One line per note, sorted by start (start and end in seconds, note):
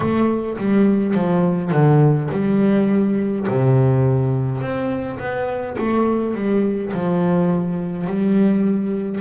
0.00 0.57 A3
0.57 1.14 G3
1.14 1.72 F3
1.72 2.29 D3
2.31 3.47 G3
3.48 4.61 C3
4.61 5.19 C4
5.19 5.76 B3
5.77 6.34 A3
6.34 6.92 G3
6.93 8.06 F3
8.06 9.20 G3